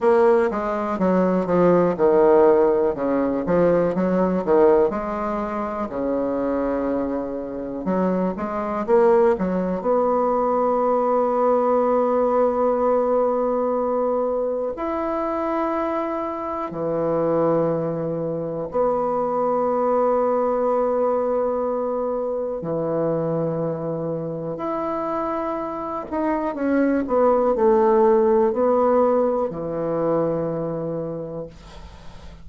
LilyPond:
\new Staff \with { instrumentName = "bassoon" } { \time 4/4 \tempo 4 = 61 ais8 gis8 fis8 f8 dis4 cis8 f8 | fis8 dis8 gis4 cis2 | fis8 gis8 ais8 fis8 b2~ | b2. e'4~ |
e'4 e2 b4~ | b2. e4~ | e4 e'4. dis'8 cis'8 b8 | a4 b4 e2 | }